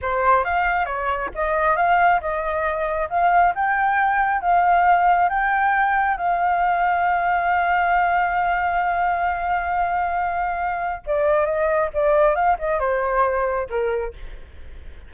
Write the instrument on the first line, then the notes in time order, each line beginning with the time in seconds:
flute
0.01 C5
0.44 F5
0.85 C#5
1.35 D#5
1.76 F5
2.20 D#5
3.09 F5
3.54 G5
4.41 F5
5.29 G5
6.17 F5
11.06 D5
11.45 D#5
11.93 D5
12.35 F5
12.58 D#5
12.79 C5
13.69 A#4